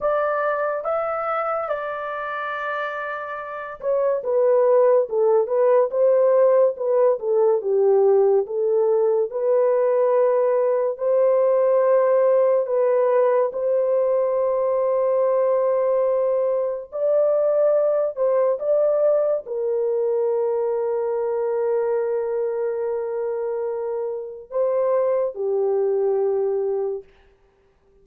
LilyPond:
\new Staff \with { instrumentName = "horn" } { \time 4/4 \tempo 4 = 71 d''4 e''4 d''2~ | d''8 cis''8 b'4 a'8 b'8 c''4 | b'8 a'8 g'4 a'4 b'4~ | b'4 c''2 b'4 |
c''1 | d''4. c''8 d''4 ais'4~ | ais'1~ | ais'4 c''4 g'2 | }